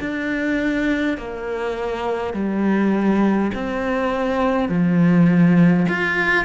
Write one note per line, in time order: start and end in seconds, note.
0.00 1.18 D4
1.18 2.33 A#3
2.33 3.51 G3
3.54 4.68 C4
4.68 5.86 F3
5.89 6.45 F4